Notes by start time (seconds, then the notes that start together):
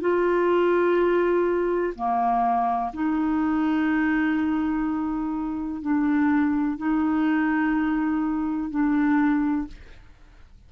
0.00 F4
1.95 A#3
2.93 D#4
5.82 D4
6.77 D#4
8.70 D4